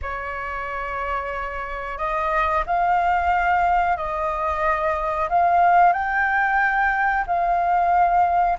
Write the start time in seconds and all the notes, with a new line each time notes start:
0.02 C#5
1.98 D#5
2.66 F5
3.97 D#5
5.29 F5
5.93 G5
7.26 F5